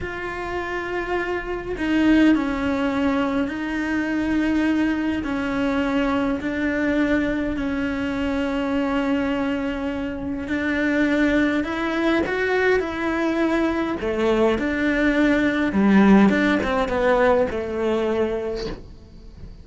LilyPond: \new Staff \with { instrumentName = "cello" } { \time 4/4 \tempo 4 = 103 f'2. dis'4 | cis'2 dis'2~ | dis'4 cis'2 d'4~ | d'4 cis'2.~ |
cis'2 d'2 | e'4 fis'4 e'2 | a4 d'2 g4 | d'8 c'8 b4 a2 | }